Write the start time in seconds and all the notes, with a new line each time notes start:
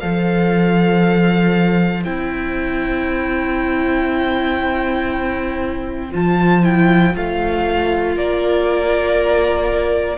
0.00 F3 A4 C5 F5
2.04 C4 E4 G5
6.12 F3 F4 A5
6.63 E4 G5
7.14 A3 F4 F5
8.17 A#3 A#4 D5